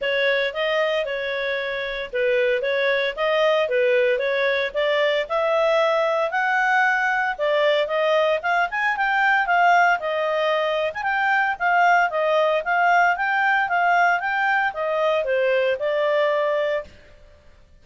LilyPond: \new Staff \with { instrumentName = "clarinet" } { \time 4/4 \tempo 4 = 114 cis''4 dis''4 cis''2 | b'4 cis''4 dis''4 b'4 | cis''4 d''4 e''2 | fis''2 d''4 dis''4 |
f''8 gis''8 g''4 f''4 dis''4~ | dis''8. gis''16 g''4 f''4 dis''4 | f''4 g''4 f''4 g''4 | dis''4 c''4 d''2 | }